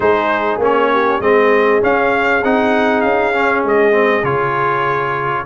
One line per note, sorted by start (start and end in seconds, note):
0.00 0.58 G#3
0.00 0.60 D#4
0.00 0.91 G#4
0.00 0.60 C5
0.58 1.18 A#3
0.58 1.21 C#4
0.58 1.21 C#5
0.91 1.22 G4
1.20 1.81 G#3
1.20 1.81 C4
1.20 5.45 G#4
1.20 1.81 D#5
1.81 2.42 C#4
1.81 2.43 C#4
1.81 2.43 F5
2.43 3.03 C4
2.43 3.33 D#4
2.43 3.01 F#5
3.01 3.64 C#4
3.01 3.61 F5
3.33 3.92 C#4
3.64 4.23 G#3
3.64 4.24 D#5
3.92 4.22 C4
4.23 5.44 C#3
4.23 5.45 F4
4.23 5.45 C#5